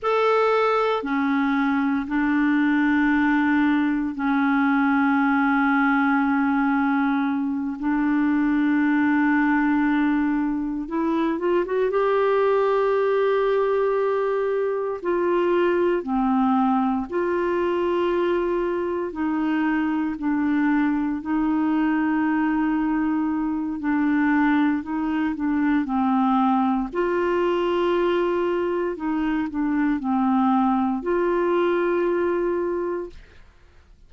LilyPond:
\new Staff \with { instrumentName = "clarinet" } { \time 4/4 \tempo 4 = 58 a'4 cis'4 d'2 | cis'2.~ cis'8 d'8~ | d'2~ d'8 e'8 f'16 fis'16 g'8~ | g'2~ g'8 f'4 c'8~ |
c'8 f'2 dis'4 d'8~ | d'8 dis'2~ dis'8 d'4 | dis'8 d'8 c'4 f'2 | dis'8 d'8 c'4 f'2 | }